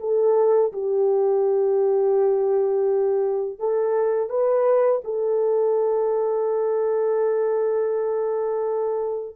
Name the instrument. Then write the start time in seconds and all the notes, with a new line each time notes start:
horn
0.00 A4
0.73 G4
3.59 A4
4.29 B4
5.04 A4